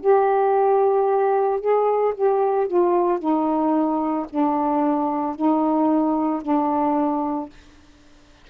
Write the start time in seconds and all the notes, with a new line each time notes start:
0.00 G4
1.60 G#4
2.14 G4
2.67 F4
3.19 D#4
4.30 D4
5.36 D#4
6.42 D4